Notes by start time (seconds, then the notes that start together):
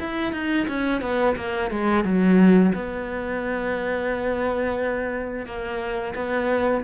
0.00 E4
0.33 D#4
0.68 C#4
1.01 B3
1.36 A#3
1.70 G#3
2.04 F#3
2.74 B3
5.46 A#3
6.15 B3